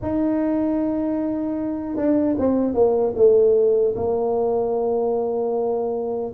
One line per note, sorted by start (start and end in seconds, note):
0.02 1.96 D#4
1.96 2.35 D4
2.38 2.73 C4
2.73 3.13 A#3
3.15 3.94 A3
3.95 6.32 A#3